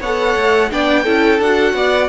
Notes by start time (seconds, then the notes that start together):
0.00 B3 A4 C#5 F#5
0.37 A3
0.70 B3 D4 D5 G5
1.04 C#4 E4 A4
1.40 D4 F#4 F#5
1.74 B3 D5